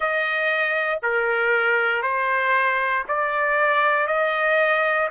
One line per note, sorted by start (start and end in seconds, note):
0.00 0.99 D#5
1.02 2.02 A#4
2.02 3.04 C5
3.07 4.07 D5
4.07 5.08 D#5